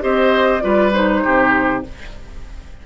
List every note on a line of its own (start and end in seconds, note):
0.00 0.62 C4
0.00 0.60 G4
0.00 0.63 C5
0.00 0.60 D#5
0.60 1.23 G3
0.60 0.91 F4
0.60 1.23 B4
0.60 0.90 D5
0.93 1.83 D#4
0.93 1.82 C5
1.23 1.85 C3
1.23 1.83 G4